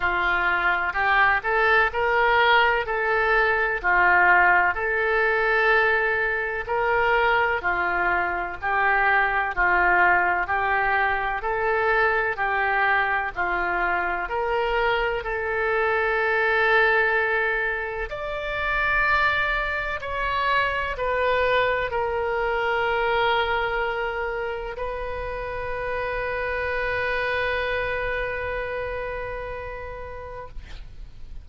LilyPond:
\new Staff \with { instrumentName = "oboe" } { \time 4/4 \tempo 4 = 63 f'4 g'8 a'8 ais'4 a'4 | f'4 a'2 ais'4 | f'4 g'4 f'4 g'4 | a'4 g'4 f'4 ais'4 |
a'2. d''4~ | d''4 cis''4 b'4 ais'4~ | ais'2 b'2~ | b'1 | }